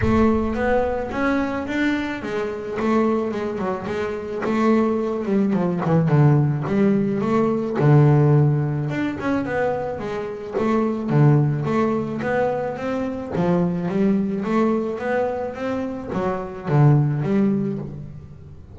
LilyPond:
\new Staff \with { instrumentName = "double bass" } { \time 4/4 \tempo 4 = 108 a4 b4 cis'4 d'4 | gis4 a4 gis8 fis8 gis4 | a4. g8 f8 e8 d4 | g4 a4 d2 |
d'8 cis'8 b4 gis4 a4 | d4 a4 b4 c'4 | f4 g4 a4 b4 | c'4 fis4 d4 g4 | }